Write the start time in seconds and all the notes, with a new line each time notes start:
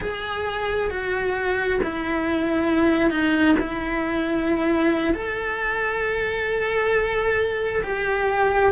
0.00 G#4
0.90 F#4
1.83 E4
3.10 D#4
3.59 E4
5.13 A4
7.83 G4